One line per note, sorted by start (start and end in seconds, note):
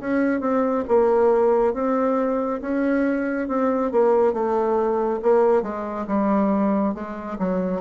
0.00 0.40 C#4
0.40 0.84 C4
0.88 1.74 A#3
1.74 2.60 C4
2.61 3.48 C#4
3.48 3.91 C4
3.92 4.33 A#3
4.33 5.20 A3
5.23 5.62 A#3
5.62 6.06 G#3
6.07 6.94 G3
6.94 7.38 G#3
7.39 7.81 F#3